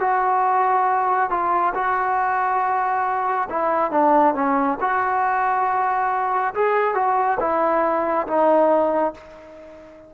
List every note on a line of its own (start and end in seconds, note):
0.00 1.30 F#4
1.30 1.74 F4
1.74 3.48 F#4
3.50 3.91 E4
3.91 4.35 D4
4.35 4.78 C#4
4.80 6.54 F#4
6.55 6.94 G#4
6.94 7.38 F#4
7.40 8.27 E4
8.27 9.14 D#4